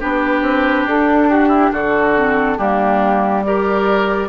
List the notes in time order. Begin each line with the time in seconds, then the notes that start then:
0.00 B3 D4 G4 B4
0.42 C4
0.85 D4 A4
1.30 F#4 G4
1.48 E4
1.72 D3 F#4 A4
2.15 C4
2.58 G3 A#3 D4 G4
3.44 G4 A#4 D5